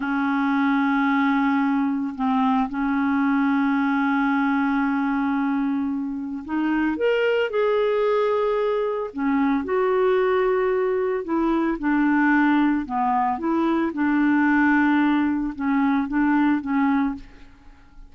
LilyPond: \new Staff \with { instrumentName = "clarinet" } { \time 4/4 \tempo 4 = 112 cis'1 | c'4 cis'2.~ | cis'1 | dis'4 ais'4 gis'2~ |
gis'4 cis'4 fis'2~ | fis'4 e'4 d'2 | b4 e'4 d'2~ | d'4 cis'4 d'4 cis'4 | }